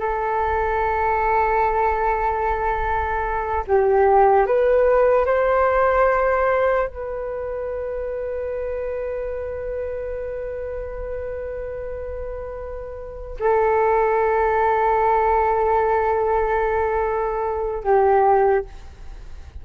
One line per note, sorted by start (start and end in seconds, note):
0.00 3.65 A4
3.67 4.47 G4
4.47 5.26 B4
5.26 6.88 C5
6.88 13.37 B4
13.40 17.84 A4
17.84 18.65 G4